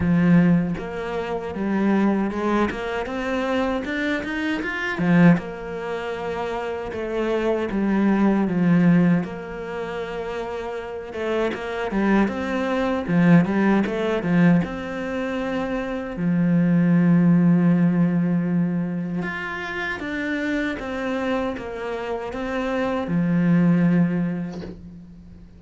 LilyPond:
\new Staff \with { instrumentName = "cello" } { \time 4/4 \tempo 4 = 78 f4 ais4 g4 gis8 ais8 | c'4 d'8 dis'8 f'8 f8 ais4~ | ais4 a4 g4 f4 | ais2~ ais8 a8 ais8 g8 |
c'4 f8 g8 a8 f8 c'4~ | c'4 f2.~ | f4 f'4 d'4 c'4 | ais4 c'4 f2 | }